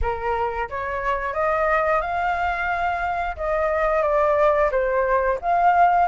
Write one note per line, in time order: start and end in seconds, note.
0.01 0.69 A#4
0.69 1.33 C#5
1.33 2.01 D#5
2.01 3.36 F5
3.36 4.02 D#5
4.02 4.69 D5
4.71 5.38 C5
5.41 6.08 F5